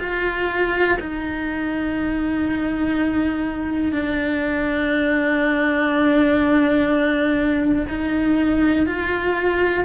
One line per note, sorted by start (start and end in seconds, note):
0.00 0.98 F4
1.00 3.93 D#4
3.93 7.86 D4
7.89 8.87 D#4
8.87 9.85 F4